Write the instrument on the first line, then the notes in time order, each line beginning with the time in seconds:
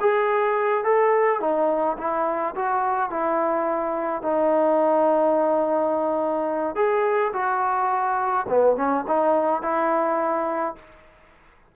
trombone
0.00 G#4
0.84 A4
1.40 D#4
1.98 E4
2.55 F#4
3.10 E4
4.22 D#4
6.75 G#4
7.33 F#4
8.48 B3
8.76 C#4
9.07 D#4
9.62 E4